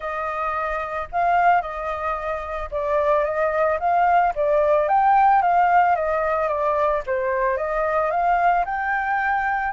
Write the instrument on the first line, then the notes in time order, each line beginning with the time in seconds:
flute
0.00 D#5
1.12 F5
1.61 D#5
2.71 D5
3.24 D#5
3.79 F5
4.35 D5
4.88 G5
5.42 F5
5.95 D#5
6.47 D5
7.06 C5
7.57 D#5
8.10 F5
8.65 G5